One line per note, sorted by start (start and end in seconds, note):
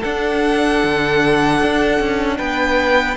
0.00 3.16 D4
0.00 0.84 D4
0.00 2.37 A4
0.00 2.37 F#5
0.84 1.62 D3
1.62 1.99 D4
1.99 2.39 C#4
2.37 3.16 B3
2.37 3.16 B4
2.37 3.16 G5